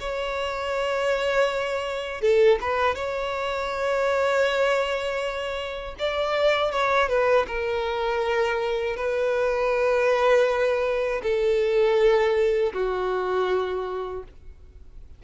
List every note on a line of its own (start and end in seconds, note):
0.00 2.21 C#5
2.21 2.58 A4
2.60 2.95 B4
2.95 5.95 C#5
5.99 6.71 D5
6.71 7.08 C#5
7.08 7.46 B4
7.47 8.96 A#4
8.96 11.21 B4
11.23 12.73 A4
12.73 14.23 F#4